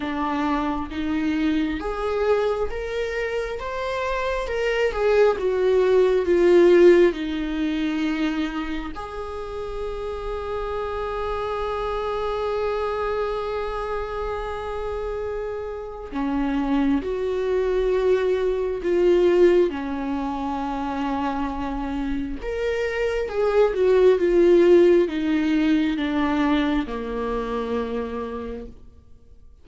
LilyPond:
\new Staff \with { instrumentName = "viola" } { \time 4/4 \tempo 4 = 67 d'4 dis'4 gis'4 ais'4 | c''4 ais'8 gis'8 fis'4 f'4 | dis'2 gis'2~ | gis'1~ |
gis'2 cis'4 fis'4~ | fis'4 f'4 cis'2~ | cis'4 ais'4 gis'8 fis'8 f'4 | dis'4 d'4 ais2 | }